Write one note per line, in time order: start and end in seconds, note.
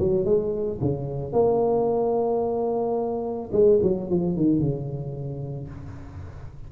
0.00 0.26 F#3
0.26 0.80 G#3
0.82 1.33 C#3
1.33 3.51 A#3
3.53 3.80 G#3
3.83 4.10 F#3
4.10 4.37 F3
4.37 4.60 D#3
4.60 5.69 C#3